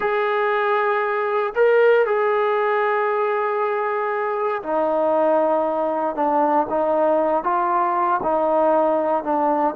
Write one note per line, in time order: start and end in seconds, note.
0.00 1.53 G#4
1.55 2.05 A#4
2.05 4.62 G#4
4.62 6.15 D#4
6.15 6.66 D4
6.69 7.43 D#4
7.43 8.20 F4
8.23 9.23 D#4
9.23 9.74 D4